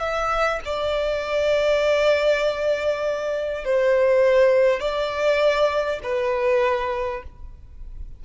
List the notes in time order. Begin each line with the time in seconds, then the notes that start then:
0.00 E5
0.65 D5
3.64 C5
4.80 D5
6.03 B4